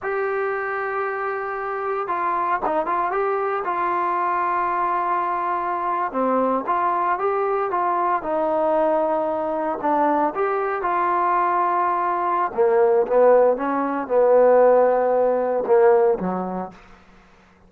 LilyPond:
\new Staff \with { instrumentName = "trombone" } { \time 4/4 \tempo 4 = 115 g'1 | f'4 dis'8 f'8 g'4 f'4~ | f'2.~ f'8. c'16~ | c'8. f'4 g'4 f'4 dis'16~ |
dis'2~ dis'8. d'4 g'16~ | g'8. f'2.~ f'16 | ais4 b4 cis'4 b4~ | b2 ais4 fis4 | }